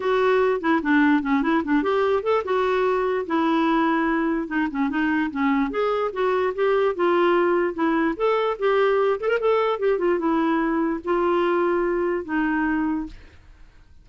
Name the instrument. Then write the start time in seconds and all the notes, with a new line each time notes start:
clarinet
0.00 F#4
0.60 E4
0.82 D4
1.22 C#4
1.42 E4
1.64 D4
1.82 G4
2.22 A4
2.44 F#4
3.26 E4
4.47 D#4
4.70 C#4
4.89 D#4
5.30 C#4
5.70 G#4
6.12 F#4
6.54 G4
6.95 F4
7.74 E4
8.16 A4
8.58 G4
9.20 A4
9.28 A#4
9.40 A4
9.79 G4
9.98 F4
10.18 E4
11.04 F4
12.24 D#4